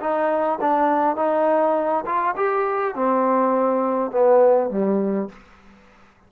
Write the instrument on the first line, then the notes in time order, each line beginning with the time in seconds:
trombone
0.00 D#4
0.61 D4
1.16 D#4
2.06 F4
2.36 G4
2.95 C4
4.11 B3
4.70 G3